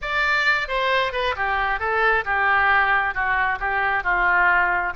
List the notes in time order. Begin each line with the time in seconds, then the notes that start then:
0.01 D5
0.68 C5
1.12 B4
1.36 G4
1.79 A4
2.24 G4
3.14 F#4
3.59 G4
4.03 F4